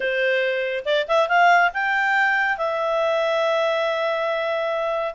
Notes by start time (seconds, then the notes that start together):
0.00 C5
0.85 D5
1.08 E5
1.28 F5
1.73 G5
2.57 E5